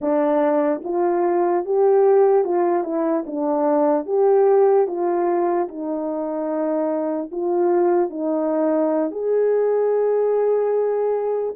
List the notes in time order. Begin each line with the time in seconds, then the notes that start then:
0.01 D4
0.84 F4
1.65 G4
2.44 F4
2.83 E4
3.26 D4
4.05 G4
4.86 F4
5.68 D#4
7.31 F4
8.10 D#4
9.11 G#4